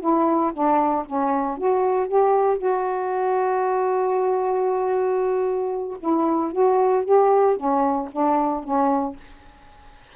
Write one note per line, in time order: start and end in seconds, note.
0.00 0.52 E4
0.53 1.05 D4
1.06 1.58 C#4
1.58 2.08 F#4
2.08 2.58 G4
2.58 5.97 F#4
6.00 6.52 E4
6.52 7.04 F#4
7.05 7.57 G4
7.57 8.09 C#4
8.12 8.64 D4
8.64 9.16 C#4